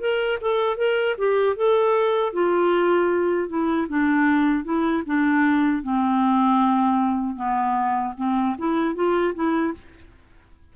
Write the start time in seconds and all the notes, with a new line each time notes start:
0.00 A#4
0.41 A4
0.77 A#4
1.18 G4
1.57 A4
2.33 F4
3.49 E4
3.89 D4
4.65 E4
5.06 D4
5.83 C4
7.36 B3
8.17 C4
8.59 E4
8.95 F4
9.35 E4